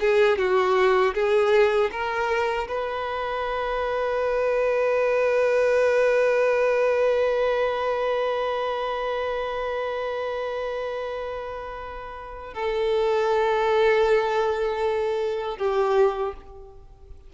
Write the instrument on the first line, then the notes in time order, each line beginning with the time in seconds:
violin
0.00 G#4
0.38 F#4
1.15 G#4
1.92 A#4
2.68 B4
12.54 A4
15.58 G4